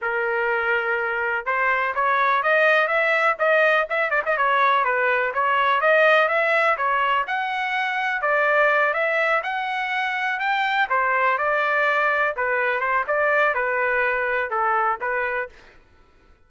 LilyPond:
\new Staff \with { instrumentName = "trumpet" } { \time 4/4 \tempo 4 = 124 ais'2. c''4 | cis''4 dis''4 e''4 dis''4 | e''8 d''16 dis''16 cis''4 b'4 cis''4 | dis''4 e''4 cis''4 fis''4~ |
fis''4 d''4. e''4 fis''8~ | fis''4. g''4 c''4 d''8~ | d''4. b'4 c''8 d''4 | b'2 a'4 b'4 | }